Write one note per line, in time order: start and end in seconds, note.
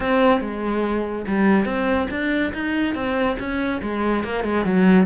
0.00 0.41 C4
0.41 1.25 G#3
1.27 1.65 G3
1.65 2.07 C4
2.10 2.52 D4
2.53 2.94 D#4
2.94 3.36 C4
3.39 3.81 C#4
3.81 4.24 G#3
4.24 4.44 A#3
4.44 4.65 G#3
4.65 5.06 F#3